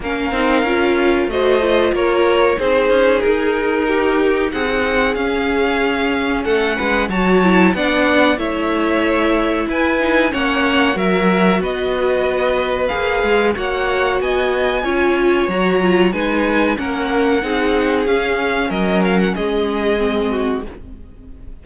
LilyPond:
<<
  \new Staff \with { instrumentName = "violin" } { \time 4/4 \tempo 4 = 93 f''2 dis''4 cis''4 | c''4 ais'2 fis''4 | f''2 fis''4 a''4 | fis''4 e''2 gis''4 |
fis''4 e''4 dis''2 | f''4 fis''4 gis''2 | ais''4 gis''4 fis''2 | f''4 dis''8 f''16 fis''16 dis''2 | }
  \new Staff \with { instrumentName = "violin" } { \time 4/4 ais'2 c''4 ais'4 | gis'2 g'4 gis'4~ | gis'2 a'8 b'8 cis''4 | d''4 cis''2 b'4 |
cis''4 ais'4 b'2~ | b'4 cis''4 dis''4 cis''4~ | cis''4 b'4 ais'4 gis'4~ | gis'4 ais'4 gis'4. fis'8 | }
  \new Staff \with { instrumentName = "viola" } { \time 4/4 cis'8 dis'8 f'4 fis'8 f'4. | dis'1 | cis'2. fis'8 e'8 | d'4 e'2~ e'8 dis'8 |
cis'4 fis'2. | gis'4 fis'2 f'4 | fis'8 f'8 dis'4 cis'4 dis'4 | cis'2. c'4 | }
  \new Staff \with { instrumentName = "cello" } { \time 4/4 ais8 c'8 cis'4 a4 ais4 | c'8 cis'8 dis'2 c'4 | cis'2 a8 gis8 fis4 | b4 a2 e'4 |
ais4 fis4 b2 | ais8 gis8 ais4 b4 cis'4 | fis4 gis4 ais4 c'4 | cis'4 fis4 gis2 | }
>>